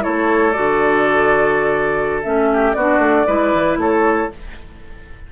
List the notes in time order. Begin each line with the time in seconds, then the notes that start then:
0.00 A3 E4 A4 C#5
0.52 D3 F#4 D5
2.23 A3 C#4 E5
2.52 G4
2.73 B3 D4 F#4 D5
2.98 A3
3.26 G#3 E4 B4
3.53 E3
3.77 A3 A4 C#5